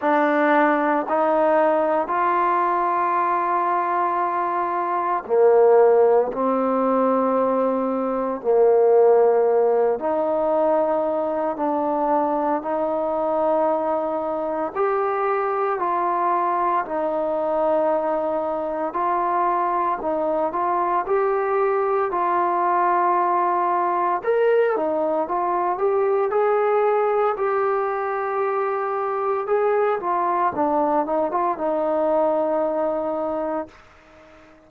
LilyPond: \new Staff \with { instrumentName = "trombone" } { \time 4/4 \tempo 4 = 57 d'4 dis'4 f'2~ | f'4 ais4 c'2 | ais4. dis'4. d'4 | dis'2 g'4 f'4 |
dis'2 f'4 dis'8 f'8 | g'4 f'2 ais'8 dis'8 | f'8 g'8 gis'4 g'2 | gis'8 f'8 d'8 dis'16 f'16 dis'2 | }